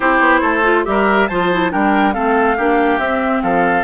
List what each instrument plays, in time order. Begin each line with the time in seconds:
0.00 bassoon C4, clarinet E4, oboe G4, flute C5
0.19 bassoon B3
0.40 bassoon A3, oboe A4
0.63 clarinet F4
0.84 bassoon G3, clarinet G4, oboe A#4, flute E5
1.27 bassoon F3, clarinet F4, oboe C5, flute A5
1.52 clarinet E4
1.70 bassoon G3, clarinet D4, oboe A#4, flute G5
2.12 bassoon A3, clarinet C4, oboe A4, flute F5
2.56 bassoon A#3, clarinet D4, oboe G4
2.98 bassoon C4, clarinet C4, flute E5
3.42 bassoon F3, oboe A4, flute F5